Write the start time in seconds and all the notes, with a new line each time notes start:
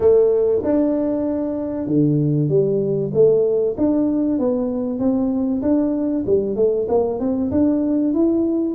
0.00 A3
0.63 D4
1.86 D3
2.48 G3
3.13 A3
3.77 D4
4.38 B3
4.99 C4
5.62 D4
6.26 G3
6.55 A3
6.88 A#3
7.19 C4
7.51 D4
8.13 E4